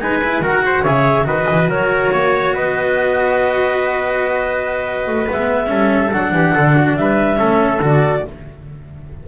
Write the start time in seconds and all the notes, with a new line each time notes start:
0.00 G#3 D#4 B4 G#5
0.23 E4
0.40 D#3 F#4 A#4 F#5
0.66 C5
0.82 C#3 G#4 C#5 E5
1.24 D#3 F#4 B4 D#5
1.49 E3
1.68 F#3 A#4 C#5
2.12 A#3 C#5
2.54 B3 B4 D#5
5.07 A3
5.27 G#3 B3 E5
5.66 G3 C#4 A4
6.12 F#3 D4 F#5
6.32 E3 G4
6.54 D3 A4
6.76 F#4
6.96 G3 B4 E5
7.36 A3 C#4 A4
7.80 D3 F#4 D5